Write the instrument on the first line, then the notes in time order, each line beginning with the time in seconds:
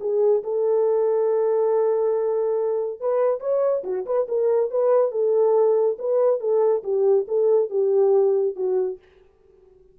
horn
0.00 G#4
0.43 A4
3.00 B4
3.40 C#5
3.84 F#4
4.06 B4
4.28 A#4
4.71 B4
5.11 A4
5.99 B4
6.40 A4
6.83 G4
7.28 A4
7.70 G4
8.56 F#4